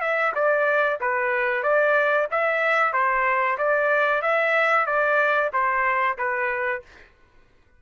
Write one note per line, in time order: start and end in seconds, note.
0.00 0.32 E5
0.34 0.99 D5
1.00 1.62 B4
1.62 2.27 D5
2.31 2.92 E5
2.92 3.57 C5
3.57 4.21 D5
4.21 4.86 E5
4.86 5.50 D5
5.52 6.17 C5
6.17 6.82 B4